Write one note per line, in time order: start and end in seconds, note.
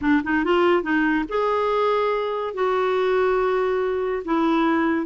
0.01 0.22 D4
0.23 0.44 D#4
0.44 0.82 F4
0.82 1.24 D#4
1.28 2.54 G#4
2.54 4.23 F#4
4.24 5.06 E4